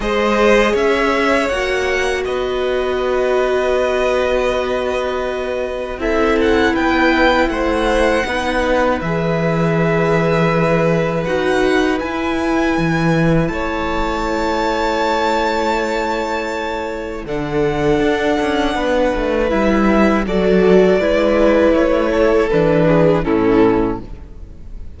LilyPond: <<
  \new Staff \with { instrumentName = "violin" } { \time 4/4 \tempo 4 = 80 dis''4 e''4 fis''4 dis''4~ | dis''1 | e''8 fis''8 g''4 fis''2 | e''2. fis''4 |
gis''2 a''2~ | a''2. fis''4~ | fis''2 e''4 d''4~ | d''4 cis''4 b'4 a'4 | }
  \new Staff \with { instrumentName = "violin" } { \time 4/4 c''4 cis''2 b'4~ | b'1 | a'4 b'4 c''4 b'4~ | b'1~ |
b'2 cis''2~ | cis''2. a'4~ | a'4 b'2 a'4 | b'4. a'4 gis'8 e'4 | }
  \new Staff \with { instrumentName = "viola" } { \time 4/4 gis'2 fis'2~ | fis'1 | e'2. dis'4 | gis'2. fis'4 |
e'1~ | e'2. d'4~ | d'2 e'4 fis'4 | e'2 d'4 cis'4 | }
  \new Staff \with { instrumentName = "cello" } { \time 4/4 gis4 cis'4 ais4 b4~ | b1 | c'4 b4 a4 b4 | e2. dis'4 |
e'4 e4 a2~ | a2. d4 | d'8 cis'8 b8 a8 g4 fis4 | gis4 a4 e4 a,4 | }
>>